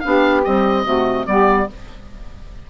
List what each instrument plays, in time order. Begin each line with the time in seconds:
0.00 bassoon B3, clarinet D4, oboe F5
0.06 saxophone G4
0.43 clarinet G3, bassoon C4, oboe D#5
0.85 bassoon C3, clarinet A3, saxophone F#4
1.26 bassoon G3, clarinet B3, saxophone G4, oboe D5